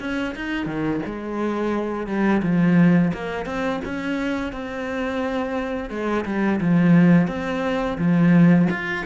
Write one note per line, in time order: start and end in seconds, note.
0.00 0.35 C#4
0.36 0.66 D#4
0.66 1.01 D#3
1.06 2.07 G#3
2.07 2.42 G3
2.43 3.12 F3
3.14 3.46 A#3
3.46 3.81 C4
3.85 4.53 C#4
4.53 5.90 C4
5.90 6.25 G#3
6.25 6.60 G3
6.61 7.28 F3
7.28 7.98 C4
7.99 8.68 F3
8.71 9.05 F4